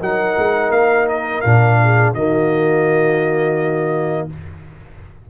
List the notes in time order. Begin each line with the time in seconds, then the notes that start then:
0.00 F#3 D#4 A#4 F#5
0.37 G#3
0.70 A#3 F5
1.08 D#5
1.41 A#2 D4 F5
1.83 G#4
2.14 D#3 A#3 F#4 D#5